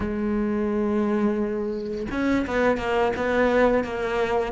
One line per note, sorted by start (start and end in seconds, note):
0.00 2.06 G#3
2.11 2.46 C#4
2.46 2.77 B3
2.77 3.12 A#3
3.16 3.83 B3
3.83 4.52 A#3